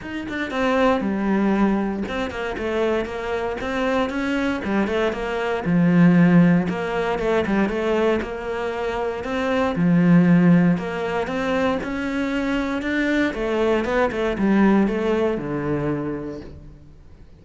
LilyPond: \new Staff \with { instrumentName = "cello" } { \time 4/4 \tempo 4 = 117 dis'8 d'8 c'4 g2 | c'8 ais8 a4 ais4 c'4 | cis'4 g8 a8 ais4 f4~ | f4 ais4 a8 g8 a4 |
ais2 c'4 f4~ | f4 ais4 c'4 cis'4~ | cis'4 d'4 a4 b8 a8 | g4 a4 d2 | }